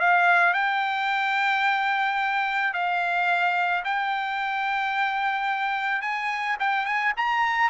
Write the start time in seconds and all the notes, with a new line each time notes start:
0.00 F5
0.54 G5
2.74 F5
3.84 G5
6.02 G#5
6.60 G5
6.86 G#5
7.17 A#5